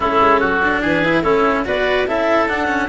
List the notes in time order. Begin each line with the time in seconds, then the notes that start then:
0.00 A3 C#4 E4 A4
0.20 G#3
0.40 F#3 F#4
0.63 D4
0.81 E3 G#4 B4
1.04 E4
1.22 A3 C#4 E4 A4
1.65 B3 F#4 B4 D5
2.07 C#4 E4 A4 E5
2.48 D4 F#5
2.67 C#4